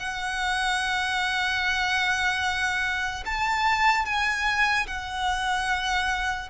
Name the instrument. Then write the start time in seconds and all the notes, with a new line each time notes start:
violin
0.00 F#5
3.26 A5
4.06 G#5
4.88 F#5